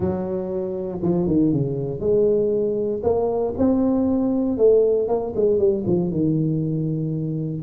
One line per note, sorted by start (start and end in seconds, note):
0.00 1.00 F#3
1.02 1.27 F3
1.27 1.52 D#3
1.52 1.99 C#3
1.99 3.01 G#3
3.03 3.53 A#3
3.57 4.57 C4
4.57 5.07 A3
5.07 5.33 A#3
5.35 5.58 G#3
5.58 5.84 G3
5.86 6.10 F3
6.10 7.62 D#3